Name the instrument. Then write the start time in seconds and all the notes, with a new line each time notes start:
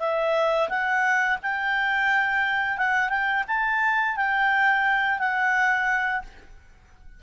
clarinet
0.00 E5
0.70 F#5
1.43 G5
2.78 F#5
3.09 G5
3.48 A5
4.17 G5
5.19 F#5